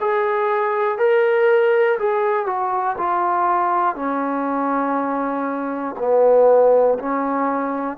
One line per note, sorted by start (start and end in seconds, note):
0.00 0.98 G#4
0.98 1.98 A#4
1.99 2.46 G#4
2.46 2.96 F#4
2.98 3.95 F4
3.95 5.95 C#4
5.98 6.98 B3
6.99 7.97 C#4